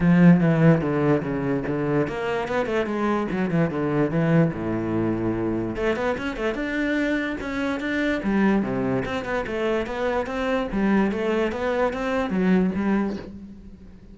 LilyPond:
\new Staff \with { instrumentName = "cello" } { \time 4/4 \tempo 4 = 146 f4 e4 d4 cis4 | d4 ais4 b8 a8 gis4 | fis8 e8 d4 e4 a,4~ | a,2 a8 b8 cis'8 a8 |
d'2 cis'4 d'4 | g4 c4 c'8 b8 a4 | b4 c'4 g4 a4 | b4 c'4 fis4 g4 | }